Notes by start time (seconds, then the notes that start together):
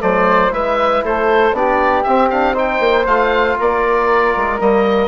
0.00 F#3 A3 C5 D5
0.51 G#3 E4 B4 E5
1.04 A3 A4 C5
1.53 B3 D4 G4 D5
2.04 C4 E5
2.30 D4 F5
2.54 D#4 C5 G5
2.80 A#3
3.06 A3 F4 F5
3.59 A#3 A#4 D5
4.37 G#3
4.60 G3 A#3 D#5